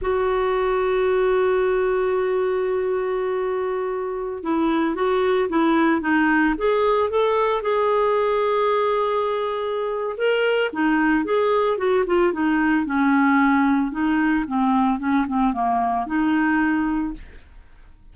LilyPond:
\new Staff \with { instrumentName = "clarinet" } { \time 4/4 \tempo 4 = 112 fis'1~ | fis'1~ | fis'16 e'4 fis'4 e'4 dis'8.~ | dis'16 gis'4 a'4 gis'4.~ gis'16~ |
gis'2. ais'4 | dis'4 gis'4 fis'8 f'8 dis'4 | cis'2 dis'4 c'4 | cis'8 c'8 ais4 dis'2 | }